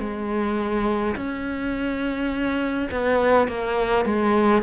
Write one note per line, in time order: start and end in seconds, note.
0.00 1.15 G#3
1.16 2.89 C#4
2.91 3.48 B3
3.48 4.05 A#3
4.05 4.63 G#3